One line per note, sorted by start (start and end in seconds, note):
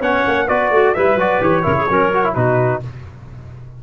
0.00 0.24 B3
0.00 0.49 C#4
0.00 0.47 C#5
0.00 0.48 F#5
0.28 0.50 A#3
0.47 0.71 B3
0.47 0.96 F#4
0.47 0.70 B4
0.47 0.94 D5
0.71 0.94 A3
0.71 0.95 F#4
0.94 1.15 G3
0.94 1.19 E4
0.94 1.64 B4
0.94 1.18 E5
1.15 1.39 F#3
1.15 1.41 F#4
1.15 1.43 D5
1.41 1.65 E3
1.41 1.63 G4
1.41 2.34 C#5
1.63 1.90 C#3
1.63 1.87 E4
1.63 1.76 A#4
1.76 1.88 G#4
1.89 2.36 F#3
1.89 2.13 C#4
1.89 2.33 A#4
2.14 2.24 F#4
2.24 2.36 E4
2.33 2.83 B2
2.33 2.83 D#4
2.33 2.80 F#4
2.33 2.81 B4